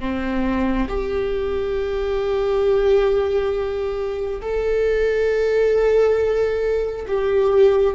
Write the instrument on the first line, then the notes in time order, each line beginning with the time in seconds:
viola
0.00 C4
0.89 G4
4.42 A4
7.07 G4